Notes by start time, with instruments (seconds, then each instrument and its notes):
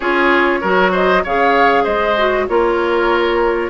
0.00 bassoon C#4, clarinet F4, oboe G#4, flute C#5
0.60 bassoon F#3, clarinet F#4, oboe A#4
0.91 oboe C5, flute D#5
1.23 bassoon C#3, clarinet G#4, oboe C#5, flute F5
1.83 bassoon G#3, oboe C5, flute D#5
2.17 clarinet F#4
2.47 bassoon A#3, clarinet F4, oboe A#4, flute C#5